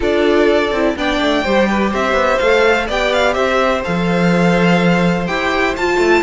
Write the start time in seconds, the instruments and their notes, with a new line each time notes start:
0.00 cello D4, viola F4, violin A4 D5
0.70 cello C4, viola E4
0.96 cello B3, viola D4, violin D5 G5
1.21 cello A3
1.44 cello G3, viola G4, violin C5
1.69 violin B4
1.90 cello C4, violin C5 E5
2.12 cello B3
2.38 cello A3, viola A4, violin F5
2.86 cello B3, viola G4, violin D5 G5
3.13 violin F5
3.33 cello C4, violin C5 E5
3.84 cello F3, viola A4, violin F5
5.26 cello E4, viola G4, violin G5
5.76 cello F4, viola F4, violin A5
5.97 cello A3